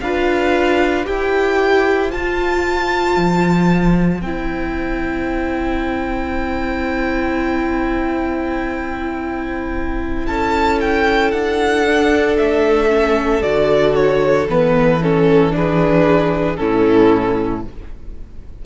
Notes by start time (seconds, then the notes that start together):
0.00 D4 F4 B4 F5
1.05 E4 G4 C5 G5
2.09 F4 A5
3.16 F3
4.21 C4 E4 G5
10.26 C#4 A4 A5
10.80 G5
11.31 D4 F#5
11.86 D4
12.37 A3 E5
12.89 C#4
13.42 D3 F#4 D5
13.95 C#5
14.48 E3 B3 B4
15.02 C#4 A4
15.51 D4 G#4 B4
16.56 A2 C#4 E4 A4